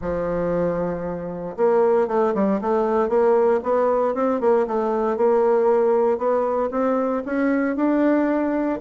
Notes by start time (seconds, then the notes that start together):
0.01 F3
1.57 A#3
2.07 A3
2.34 G3
2.61 A3
3.08 A#3
3.63 B3
4.14 C4
4.40 A#3
4.67 A3
5.17 A#3
6.18 B3
6.71 C4
7.25 C#4
7.75 D4